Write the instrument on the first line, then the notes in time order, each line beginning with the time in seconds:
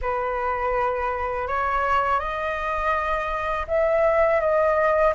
flute
0.01 B4
1.47 C#5
2.19 D#5
3.67 E5
4.40 D#5